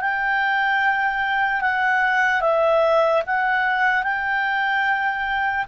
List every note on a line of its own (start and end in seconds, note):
0.00 1.61 G5
1.61 2.41 F#5
2.41 3.22 E5
3.26 4.03 F#5
4.03 5.65 G5